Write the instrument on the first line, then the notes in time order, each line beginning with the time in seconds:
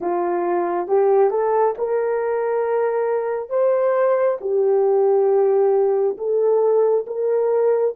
horn
0.00 F4
0.87 G4
1.30 A4
1.78 A#4
3.49 C5
4.40 G4
6.17 A4
7.06 A#4